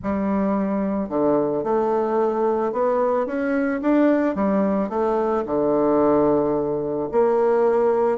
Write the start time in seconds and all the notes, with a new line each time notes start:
0.02 G3
1.09 D3
1.63 A3
2.72 B3
3.26 C#4
3.81 D4
4.35 G3
4.89 A3
5.45 D3
7.11 A#3